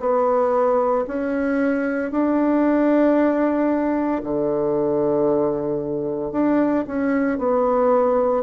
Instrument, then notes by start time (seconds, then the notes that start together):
bassoon
0.00 B3
1.08 C#4
2.11 D4
4.24 D3
6.32 D4
6.88 C#4
7.38 B3